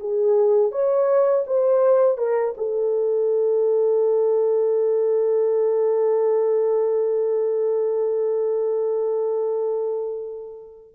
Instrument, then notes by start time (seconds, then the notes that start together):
horn
0.00 G#4
0.72 C#5
1.47 C5
2.18 A#4
2.57 A4